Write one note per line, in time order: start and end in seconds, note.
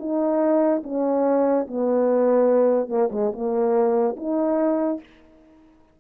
0.00 0.83 D#4
0.84 1.67 C#4
1.68 2.89 B3
2.89 3.10 A#3
3.12 3.33 G#3
3.33 4.16 A#3
4.17 5.00 D#4